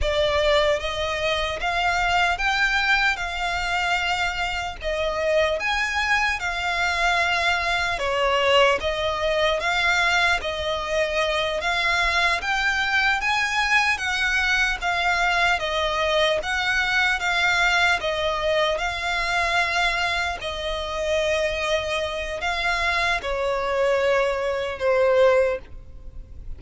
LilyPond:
\new Staff \with { instrumentName = "violin" } { \time 4/4 \tempo 4 = 75 d''4 dis''4 f''4 g''4 | f''2 dis''4 gis''4 | f''2 cis''4 dis''4 | f''4 dis''4. f''4 g''8~ |
g''8 gis''4 fis''4 f''4 dis''8~ | dis''8 fis''4 f''4 dis''4 f''8~ | f''4. dis''2~ dis''8 | f''4 cis''2 c''4 | }